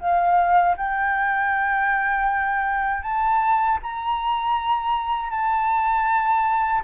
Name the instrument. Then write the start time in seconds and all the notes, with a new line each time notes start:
flute
0.00 F5
0.77 G5
3.03 A5
3.83 A#5
5.31 A5